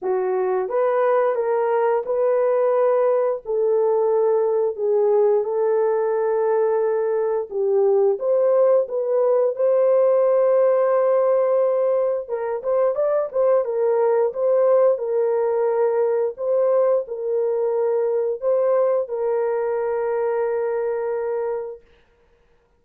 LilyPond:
\new Staff \with { instrumentName = "horn" } { \time 4/4 \tempo 4 = 88 fis'4 b'4 ais'4 b'4~ | b'4 a'2 gis'4 | a'2. g'4 | c''4 b'4 c''2~ |
c''2 ais'8 c''8 d''8 c''8 | ais'4 c''4 ais'2 | c''4 ais'2 c''4 | ais'1 | }